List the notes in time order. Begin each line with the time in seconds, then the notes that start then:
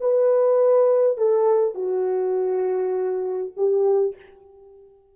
0.00 B4
1.17 A4
1.74 F#4
3.56 G4